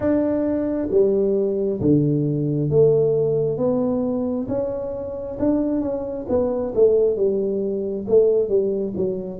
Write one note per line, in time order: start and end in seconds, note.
0.00 0.88 D4
0.90 1.80 G3
1.80 2.69 D3
2.69 3.57 A3
3.57 4.47 B3
4.48 5.38 C#4
5.39 5.81 D4
5.81 6.26 C#4
6.28 6.73 B3
6.74 7.16 A3
7.16 8.06 G3
8.08 8.48 A3
8.48 8.93 G3
8.96 9.39 F#3